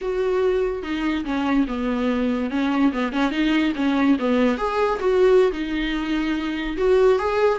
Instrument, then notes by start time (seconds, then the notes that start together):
viola
0.01 F#4
0.82 D#4
1.24 C#4
1.67 B3
2.50 C#4
2.92 B3
3.12 C#4
3.31 D#4
3.75 C#4
4.19 B3
4.57 G#4
4.99 F#4
5.52 D#4
6.77 F#4
7.19 G#4